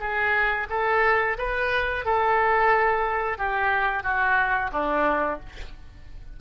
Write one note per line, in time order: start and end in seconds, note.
0.00 0.67 G#4
0.70 1.37 A4
1.38 2.05 B4
2.05 3.38 A4
3.38 4.03 G4
4.03 4.70 F#4
4.72 5.39 D4